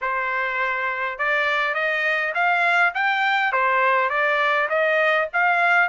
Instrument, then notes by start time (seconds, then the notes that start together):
trumpet
0.01 C5
1.18 D5
1.74 D#5
2.34 F5
2.94 G5
3.52 C5
4.09 D5
4.69 D#5
5.33 F5